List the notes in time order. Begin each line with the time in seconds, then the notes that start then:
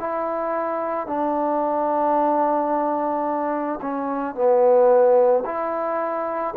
0.00 E4
1.07 D4
3.81 C#4
4.35 B3
5.45 E4